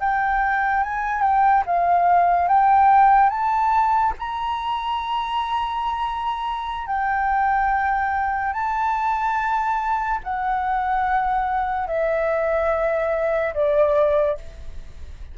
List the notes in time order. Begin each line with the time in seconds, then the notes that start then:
0.00 G5
0.83 G#5
1.22 G5
1.66 F5
2.48 G5
3.30 A5
4.19 A#5
6.87 G5
8.53 A5
10.23 F#5
11.87 E5
13.54 D5